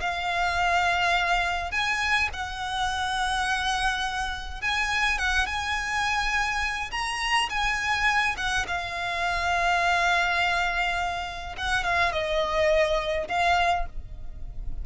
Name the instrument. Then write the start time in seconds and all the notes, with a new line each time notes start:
violin
0.00 F5
1.71 G#5
2.33 F#5
4.61 G#5
5.18 F#5
5.46 G#5
6.91 A#5
7.49 G#5
8.37 F#5
8.67 F5
11.57 F#5
11.84 F5
12.12 D#5
13.28 F5